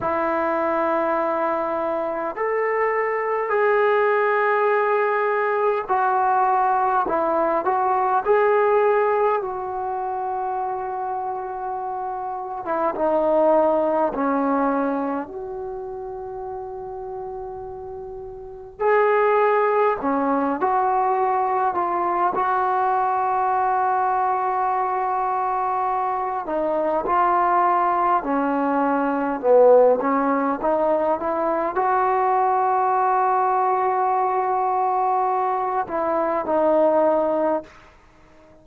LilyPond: \new Staff \with { instrumentName = "trombone" } { \time 4/4 \tempo 4 = 51 e'2 a'4 gis'4~ | gis'4 fis'4 e'8 fis'8 gis'4 | fis'2~ fis'8. e'16 dis'4 | cis'4 fis'2. |
gis'4 cis'8 fis'4 f'8 fis'4~ | fis'2~ fis'8 dis'8 f'4 | cis'4 b8 cis'8 dis'8 e'8 fis'4~ | fis'2~ fis'8 e'8 dis'4 | }